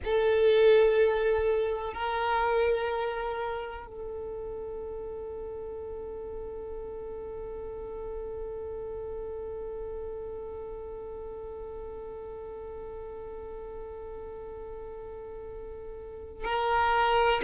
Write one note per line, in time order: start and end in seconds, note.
0.04 1.93 A4
1.93 3.87 A#4
3.87 16.44 A4
16.44 17.41 A#4